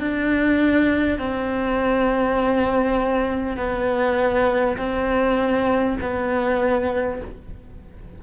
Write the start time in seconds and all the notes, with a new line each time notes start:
0.00 D4
1.18 C4
3.57 B3
4.77 C4
6.01 B3